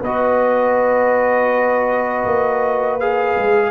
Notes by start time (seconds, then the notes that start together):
0.00 B3 F#4 B4 D#5
2.24 A#3
2.99 G#4 F5
3.36 G#3